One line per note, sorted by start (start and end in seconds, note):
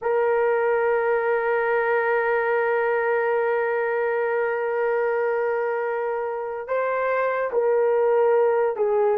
0.01 6.67 A#4
6.67 7.50 C5
7.52 8.76 A#4
8.76 9.17 G#4